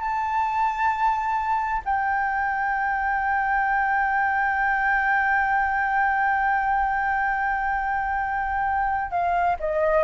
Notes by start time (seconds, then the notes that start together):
0.00 A5
1.85 G5
9.11 F5
9.60 D#5